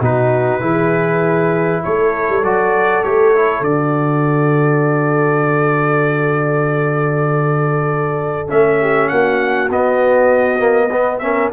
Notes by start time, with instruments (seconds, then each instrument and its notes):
0.00 tuba B2, trombone D#4, horn F#4, trumpet B4
0.60 tuba E3, trombone E4, horn G#4
1.83 tuba A3, horn A4, trumpet C#5
2.29 tuba G3
2.43 tuba F#3, trombone F#4, trumpet D5
3.03 tuba A3, trombone G4, trumpet C#5
3.35 trombone E4
3.60 tuba D3, trombone F#4, trumpet D5
8.47 tuba A3, trombone C#4, trumpet E5
8.80 horn G4
9.08 tuba A#3, horn F#4, trumpet F#5
9.69 tuba B3, trombone B3, trumpet D#5
10.59 trombone A#3
10.87 trombone B3, horn B4
11.18 trombone C#4, horn A#4, trumpet E5